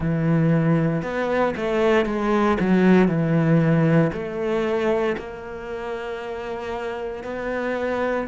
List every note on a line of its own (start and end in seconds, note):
0.00 1.02 E3
1.02 1.54 B3
1.56 2.05 A3
2.05 2.57 G#3
2.60 3.08 F#3
3.08 4.11 E3
4.12 5.16 A3
5.17 7.23 A#3
7.23 8.27 B3